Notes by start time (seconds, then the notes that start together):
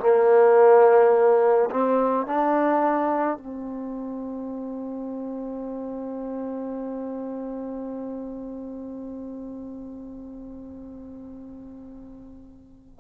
0.00 A#3
1.71 C4
2.26 D4
3.38 C4